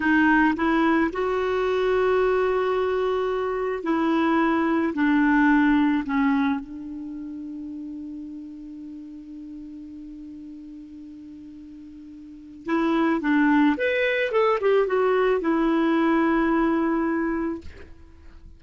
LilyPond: \new Staff \with { instrumentName = "clarinet" } { \time 4/4 \tempo 4 = 109 dis'4 e'4 fis'2~ | fis'2. e'4~ | e'4 d'2 cis'4 | d'1~ |
d'1~ | d'2. e'4 | d'4 b'4 a'8 g'8 fis'4 | e'1 | }